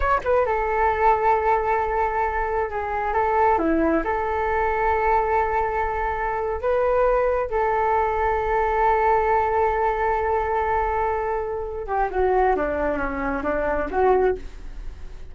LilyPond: \new Staff \with { instrumentName = "flute" } { \time 4/4 \tempo 4 = 134 cis''8 b'8 a'2.~ | a'2 gis'4 a'4 | e'4 a'2.~ | a'2~ a'8. b'4~ b'16~ |
b'8. a'2.~ a'16~ | a'1~ | a'2~ a'8 g'8 fis'4 | d'4 cis'4 d'4 fis'4 | }